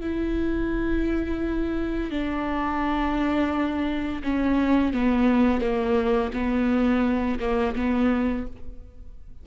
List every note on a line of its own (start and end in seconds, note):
0.00 2.10 E4
2.10 4.22 D4
4.23 4.93 C#4
4.93 5.61 B3
5.61 6.31 A#3
6.33 7.39 B3
7.39 7.75 A#3
7.76 8.46 B3